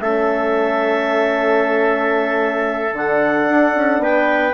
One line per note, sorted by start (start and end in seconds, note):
0.00 2.93 A3
0.00 2.94 C#4
0.00 4.03 A4
0.00 2.95 E5
2.93 3.47 D3
2.93 4.54 D4
2.93 4.02 F#5
3.49 3.76 D4
3.76 3.99 C#4
3.99 4.53 B3
3.99 4.54 B4
3.99 4.54 G5